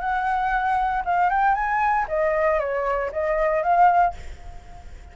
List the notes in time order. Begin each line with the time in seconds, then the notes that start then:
0.00 F#5
1.06 F5
1.30 G5
1.55 G#5
2.09 D#5
2.60 C#5
3.13 D#5
3.63 F5